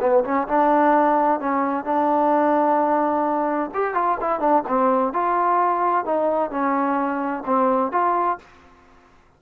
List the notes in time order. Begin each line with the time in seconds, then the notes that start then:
0.00 B3
0.24 C#4
0.48 D4
1.40 C#4
1.84 D4
3.74 G4
3.94 F4
4.20 E4
4.39 D4
4.68 C4
5.13 F4
6.05 D#4
6.50 C#4
7.45 C4
7.91 F4